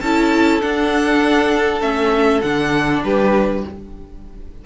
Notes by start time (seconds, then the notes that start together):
0.00 C#4 E4 A4 A5
0.61 D4 F#5
1.81 A3 C#4 E5
2.41 D3 D4 F#5
3.03 G3 G4 B4